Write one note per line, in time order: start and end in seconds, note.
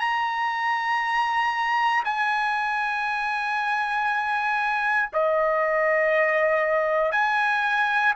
0.00 2.03 A#5
2.05 5.10 G#5
5.13 7.12 D#5
7.12 8.14 G#5